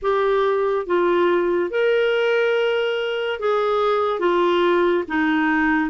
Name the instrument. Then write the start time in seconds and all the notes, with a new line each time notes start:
clarinet
0.02 G4
0.86 F4
1.70 A#4
3.39 G#4
4.19 F4
5.08 D#4